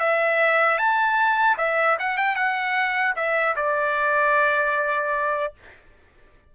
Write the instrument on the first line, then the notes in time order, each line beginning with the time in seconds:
trumpet
0.00 E5
0.78 A5
1.58 E5
2.00 F#5
2.17 G5
2.36 F#5
3.16 E5
3.56 D5